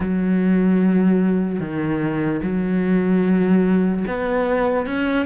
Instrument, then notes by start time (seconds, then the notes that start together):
cello
0.00 F#3
1.59 D#3
2.43 F#3
4.07 B3
4.86 C#4